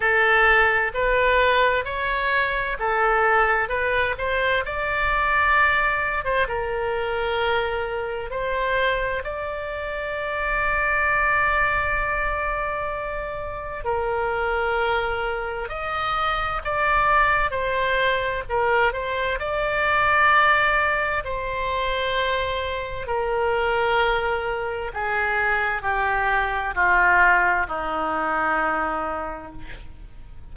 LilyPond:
\new Staff \with { instrumentName = "oboe" } { \time 4/4 \tempo 4 = 65 a'4 b'4 cis''4 a'4 | b'8 c''8 d''4.~ d''16 c''16 ais'4~ | ais'4 c''4 d''2~ | d''2. ais'4~ |
ais'4 dis''4 d''4 c''4 | ais'8 c''8 d''2 c''4~ | c''4 ais'2 gis'4 | g'4 f'4 dis'2 | }